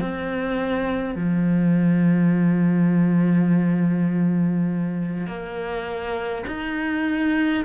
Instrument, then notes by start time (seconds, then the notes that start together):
cello
0.00 C4
1.15 F3
5.27 A#3
6.47 D#4